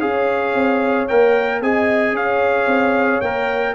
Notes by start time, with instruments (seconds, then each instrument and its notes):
0.00 tuba C#4, trombone G#4, horn C#5, trumpet F5
0.55 tuba C4
1.08 tuba A#3, trombone A#4, trumpet G5
1.61 tuba C4, trombone G#4, horn D#5, trumpet G#5
2.12 tuba C#4, horn C#5, trumpet F5
2.67 tuba C4
3.21 tuba A#3, trombone A#4, trumpet G5